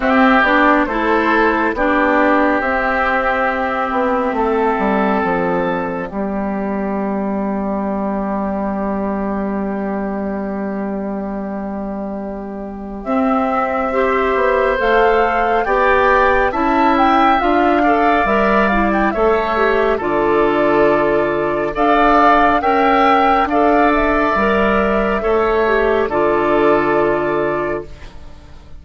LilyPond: <<
  \new Staff \with { instrumentName = "flute" } { \time 4/4 \tempo 4 = 69 e''8 d''8 c''4 d''4 e''4~ | e''2 d''2~ | d''1~ | d''2. e''4~ |
e''4 f''4 g''4 a''8 g''8 | f''4 e''8 f''16 g''16 e''4 d''4~ | d''4 f''4 g''4 f''8 e''8~ | e''2 d''2 | }
  \new Staff \with { instrumentName = "oboe" } { \time 4/4 g'4 a'4 g'2~ | g'4 a'2 g'4~ | g'1~ | g'1 |
c''2 d''4 e''4~ | e''8 d''4. cis''4 a'4~ | a'4 d''4 e''4 d''4~ | d''4 cis''4 a'2 | }
  \new Staff \with { instrumentName = "clarinet" } { \time 4/4 c'8 d'8 e'4 d'4 c'4~ | c'2. b4~ | b1~ | b2. c'4 |
g'4 a'4 g'4 e'4 | f'8 a'8 ais'8 e'8 a'8 g'8 f'4~ | f'4 a'4 ais'4 a'4 | ais'4 a'8 g'8 f'2 | }
  \new Staff \with { instrumentName = "bassoon" } { \time 4/4 c'8 b8 a4 b4 c'4~ | c'8 b8 a8 g8 f4 g4~ | g1~ | g2. c'4~ |
c'8 b8 a4 b4 cis'4 | d'4 g4 a4 d4~ | d4 d'4 cis'4 d'4 | g4 a4 d2 | }
>>